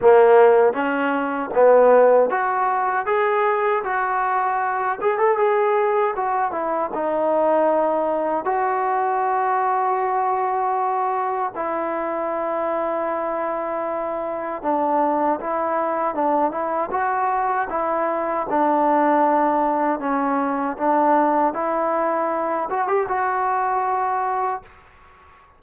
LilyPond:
\new Staff \with { instrumentName = "trombone" } { \time 4/4 \tempo 4 = 78 ais4 cis'4 b4 fis'4 | gis'4 fis'4. gis'16 a'16 gis'4 | fis'8 e'8 dis'2 fis'4~ | fis'2. e'4~ |
e'2. d'4 | e'4 d'8 e'8 fis'4 e'4 | d'2 cis'4 d'4 | e'4. fis'16 g'16 fis'2 | }